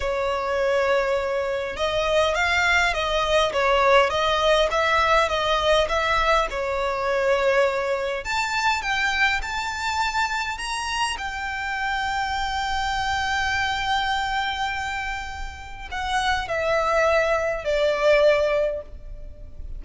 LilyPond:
\new Staff \with { instrumentName = "violin" } { \time 4/4 \tempo 4 = 102 cis''2. dis''4 | f''4 dis''4 cis''4 dis''4 | e''4 dis''4 e''4 cis''4~ | cis''2 a''4 g''4 |
a''2 ais''4 g''4~ | g''1~ | g''2. fis''4 | e''2 d''2 | }